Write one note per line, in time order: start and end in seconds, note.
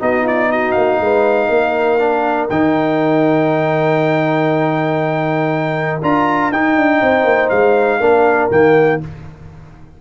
0.00 0.77 B3
0.00 1.99 D#4
0.00 0.23 F#4
0.00 0.27 D#5
0.23 0.48 F4
0.23 0.52 D5
0.52 1.02 F#4
0.52 0.72 D#5
0.72 1.00 A#3
0.72 2.47 F5
1.00 1.50 G#3
1.00 1.49 B4
1.49 2.50 A#3
1.49 6.99 A#4
1.99 2.49 D4
2.50 6.01 D#3
2.50 6.02 D#4
2.50 6.00 G5
6.03 6.52 D4
6.03 6.53 F4
6.03 6.52 A#5
6.52 6.77 D#4
6.52 8.01 D#4
6.52 7.49 G5
6.77 7.02 D4
7.02 7.25 C4
7.02 8.00 C5
7.25 7.50 A#3
7.49 8.00 G#3
7.49 8.49 F5
8.00 8.50 A#3
8.00 8.51 D4
8.00 9.00 A#4
8.51 9.01 D#3
8.51 9.01 A#3
8.51 9.01 G5